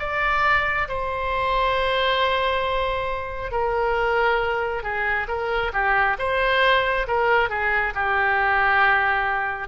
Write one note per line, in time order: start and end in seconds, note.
0.00 0.88 D5
0.89 3.52 C5
3.52 4.83 A#4
4.83 5.27 G#4
5.28 5.72 A#4
5.73 6.17 G4
6.19 7.07 C5
7.08 7.50 A#4
7.50 7.94 G#4
7.95 9.68 G4